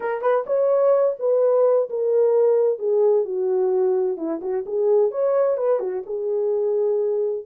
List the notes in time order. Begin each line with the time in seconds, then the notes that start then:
0.00 A#4
0.21 B4
0.46 C#5
1.19 B4
1.89 A#4
2.79 G#4
3.24 F#4
4.17 E4
4.41 F#4
4.66 G#4
5.11 C#5
5.57 B4
5.79 F#4
6.05 G#4